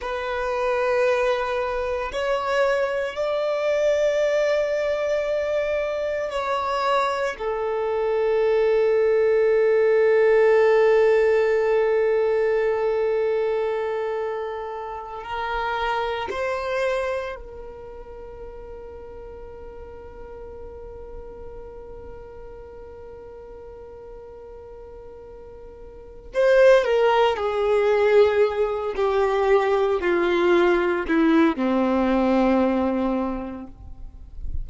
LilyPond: \new Staff \with { instrumentName = "violin" } { \time 4/4 \tempo 4 = 57 b'2 cis''4 d''4~ | d''2 cis''4 a'4~ | a'1~ | a'2~ a'8 ais'4 c''8~ |
c''8 ais'2.~ ais'8~ | ais'1~ | ais'4 c''8 ais'8 gis'4. g'8~ | g'8 f'4 e'8 c'2 | }